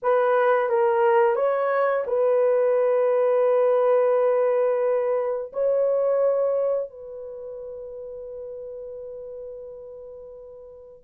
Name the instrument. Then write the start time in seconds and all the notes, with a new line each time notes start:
horn
0.02 B4
0.69 A#4
1.35 C#5
2.07 B4
5.52 C#5
6.90 B4